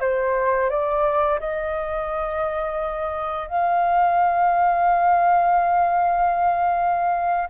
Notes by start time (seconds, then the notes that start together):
0.00 C5
0.69 D5
1.40 D#5
3.48 F5